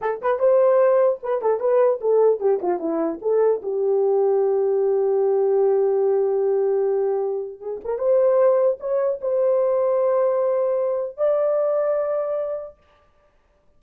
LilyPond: \new Staff \with { instrumentName = "horn" } { \time 4/4 \tempo 4 = 150 a'8 b'8 c''2 b'8 a'8 | b'4 a'4 g'8 f'8 e'4 | a'4 g'2.~ | g'1~ |
g'2. gis'8 ais'8 | c''2 cis''4 c''4~ | c''1 | d''1 | }